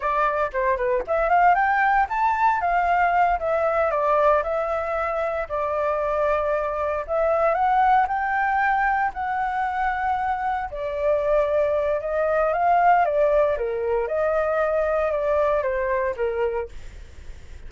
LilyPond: \new Staff \with { instrumentName = "flute" } { \time 4/4 \tempo 4 = 115 d''4 c''8 b'8 e''8 f''8 g''4 | a''4 f''4. e''4 d''8~ | d''8 e''2 d''4.~ | d''4. e''4 fis''4 g''8~ |
g''4. fis''2~ fis''8~ | fis''8 d''2~ d''8 dis''4 | f''4 d''4 ais'4 dis''4~ | dis''4 d''4 c''4 ais'4 | }